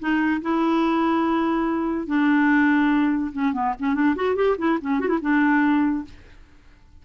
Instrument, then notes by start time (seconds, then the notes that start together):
clarinet
0.00 D#4
0.42 E4
2.07 D4
3.33 C#4
3.54 B3
3.80 C#4
3.95 D4
4.16 F#4
4.36 G4
4.58 E4
4.82 C#4
5.00 F#4
5.09 E4
5.22 D4